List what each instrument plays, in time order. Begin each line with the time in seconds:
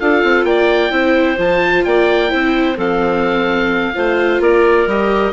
0.00 bassoon D4, viola F4, clarinet A4, oboe F5
0.24 bassoon C4
0.44 bassoon A#3, clarinet D5, oboe G5
0.91 bassoon C4, viola E4, clarinet C5
1.38 bassoon F3, viola F4, oboe A5
1.84 bassoon A#3, clarinet D5, oboe G5
2.29 bassoon C4, viola E4, clarinet C5
2.77 bassoon F3, viola C4, clarinet A4, oboe F5
3.94 bassoon A3, viola F4, clarinet C5
4.40 bassoon A#3, clarinet A#4, oboe D5
4.87 bassoon G3, viola G4, oboe D#5